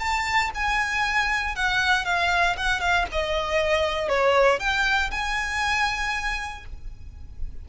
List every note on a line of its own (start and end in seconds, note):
0.00 0.51 A5
0.55 1.56 G#5
1.56 2.05 F#5
2.05 2.57 F5
2.57 2.81 F#5
2.81 3.06 F5
3.12 4.09 D#5
4.09 4.60 C#5
4.60 5.11 G5
5.12 6.65 G#5